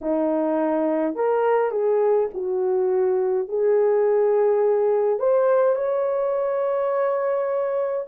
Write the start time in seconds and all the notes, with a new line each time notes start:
0.01 D#4
1.15 A#4
1.71 G#4
2.34 F#4
3.48 G#4
5.19 C5
5.75 C#5